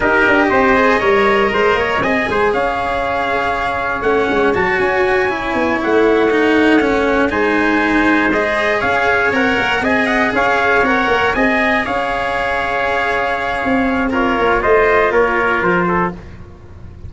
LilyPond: <<
  \new Staff \with { instrumentName = "trumpet" } { \time 4/4 \tempo 4 = 119 dis''1 | gis''4 f''2. | fis''4 a''8 gis''2 fis''8~ | fis''2~ fis''8 gis''4.~ |
gis''8 dis''4 f''4 fis''4 gis''8 | fis''8 f''4 fis''4 gis''4 f''8~ | f''1 | cis''4 dis''4 cis''4 c''4 | }
  \new Staff \with { instrumentName = "trumpet" } { \time 4/4 ais'4 c''4 cis''4 c''8 cis''8 | dis''8 c''8 cis''2.~ | cis''1~ | cis''2~ cis''8 c''4.~ |
c''4. cis''2 dis''8~ | dis''8 cis''2 dis''4 cis''8~ | cis''1 | f'4 c''4 ais'4. a'8 | }
  \new Staff \with { instrumentName = "cello" } { \time 4/4 g'4. gis'8 ais'2 | gis'1 | cis'4 fis'4. e'4.~ | e'8 dis'4 cis'4 dis'4.~ |
dis'8 gis'2 ais'4 gis'8~ | gis'4. ais'4 gis'4.~ | gis'1 | ais'4 f'2. | }
  \new Staff \with { instrumentName = "tuba" } { \time 4/4 dis'8 d'8 c'4 g4 gis8 ais8 | c'8 gis8 cis'2. | a8 gis8 fis8 cis'4. b8 a8~ | a2~ a8 gis4.~ |
gis4. cis'4 c'8 ais8 c'8~ | c'8 cis'4 c'8 ais8 c'4 cis'8~ | cis'2. c'4~ | c'8 ais8 a4 ais4 f4 | }
>>